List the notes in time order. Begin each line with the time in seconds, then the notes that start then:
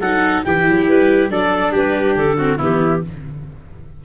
0.00 F#3 D#4 A4 F#5
0.44 E3 E4 G4 G5
0.68 F#3
0.88 G3 B4
1.30 F#3 D4 A4 D5
1.72 G3 G4 B4
2.15 D3 A4
2.37 C4 F#4
2.58 E3 B3 E4 G4